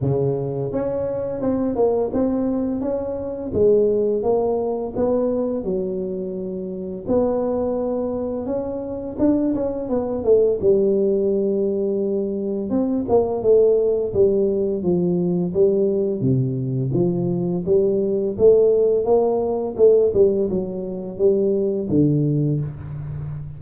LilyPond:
\new Staff \with { instrumentName = "tuba" } { \time 4/4 \tempo 4 = 85 cis4 cis'4 c'8 ais8 c'4 | cis'4 gis4 ais4 b4 | fis2 b2 | cis'4 d'8 cis'8 b8 a8 g4~ |
g2 c'8 ais8 a4 | g4 f4 g4 c4 | f4 g4 a4 ais4 | a8 g8 fis4 g4 d4 | }